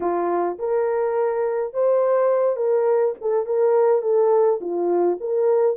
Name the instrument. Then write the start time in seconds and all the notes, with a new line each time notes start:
horn
0.00 F4
0.58 A#4
1.73 C5
2.56 A#4
3.21 A4
3.45 A#4
4.02 A4
4.60 F4
5.20 A#4